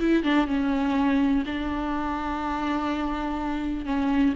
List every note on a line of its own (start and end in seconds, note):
0.00 0.24 E4
0.24 0.47 D4
0.47 1.44 C#4
1.46 3.86 D4
3.86 4.34 C#4